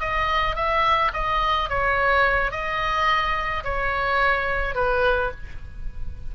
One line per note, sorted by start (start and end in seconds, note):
0.00 0.56 D#5
0.56 1.12 E5
1.13 1.69 D#5
1.69 2.51 C#5
2.51 3.63 D#5
3.64 4.75 C#5
4.75 5.31 B4